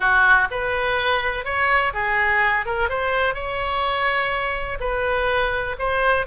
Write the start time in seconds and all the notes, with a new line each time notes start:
0.00 F#4
0.50 B4
1.44 C#5
1.93 G#4
2.65 A#4
2.89 C5
3.34 C#5
4.80 B4
5.78 C5